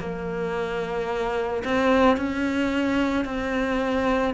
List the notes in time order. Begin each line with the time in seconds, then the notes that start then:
0.00 A#3
1.65 C4
2.17 C#4
3.25 C4